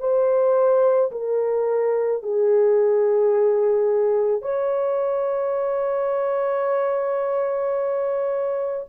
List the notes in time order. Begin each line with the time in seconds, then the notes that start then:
0.00 C5
1.11 A#4
2.23 G#4
4.41 C#5